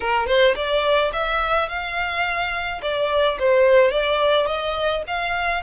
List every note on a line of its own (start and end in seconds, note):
0.00 0.27 A#4
0.27 0.55 C5
0.55 1.11 D5
1.12 1.68 E5
1.68 2.81 F5
2.81 3.37 D5
3.39 3.91 C5
3.91 4.46 D5
4.46 5.02 D#5
5.07 5.63 F5